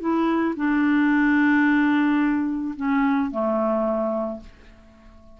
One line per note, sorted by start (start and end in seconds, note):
0.00 0.55 E4
0.56 2.74 D4
2.76 3.31 C#4
3.31 4.40 A3